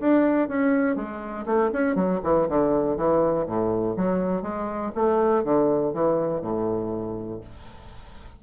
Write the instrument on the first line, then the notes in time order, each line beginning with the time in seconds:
bassoon
0.00 D4
0.48 C#4
0.96 G#3
1.46 A3
1.73 C#4
1.95 F#3
2.24 E3
2.49 D3
2.97 E3
3.46 A2
3.97 F#3
4.42 G#3
4.95 A3
5.44 D3
5.93 E3
6.41 A2